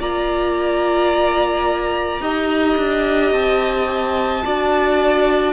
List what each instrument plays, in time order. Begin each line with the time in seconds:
0.00 cello A#3, viola F4, violin D5 A#5
2.21 cello D#4, viola G4, violin D#5
2.78 cello D4
3.32 cello C4, violin A5
4.44 cello D4, viola F#4, violin D5